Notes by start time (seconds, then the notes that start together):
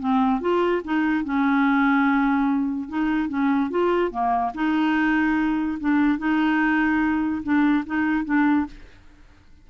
0.00 C4
0.41 F4
0.85 D#4
1.25 C#4
2.89 D#4
3.29 C#4
3.71 F4
4.12 A#3
4.55 D#4
5.81 D4
6.19 D#4
7.44 D4
7.86 D#4
8.25 D4